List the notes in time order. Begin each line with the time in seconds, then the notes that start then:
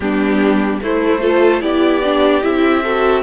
0.00 G3 B3 D4 G4
0.82 A3 E4 C5
1.21 F4 A4
1.60 B3 E4 G4 D5
2.04 D4
2.42 C4 E4 E5
2.83 F#4 A4